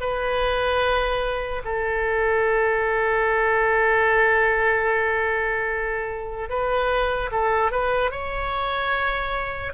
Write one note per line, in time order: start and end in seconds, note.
0.00 1.62 B4
1.64 6.49 A4
6.49 7.30 B4
7.31 7.71 A4
7.71 8.11 B4
8.11 9.73 C#5